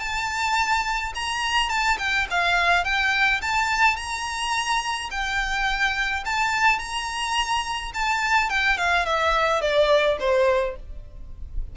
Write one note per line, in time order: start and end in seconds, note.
0.00 1.13 A5
1.15 1.70 A#5
1.70 1.98 A5
1.99 2.27 G5
2.31 2.85 F5
2.85 3.41 G5
3.42 3.97 A5
3.97 5.10 A#5
5.11 6.24 G5
6.25 6.79 A5
6.79 7.92 A#5
7.94 8.50 A5
8.50 8.78 G5
8.78 9.06 F5
9.06 9.61 E5
9.61 10.18 D5
10.20 10.76 C5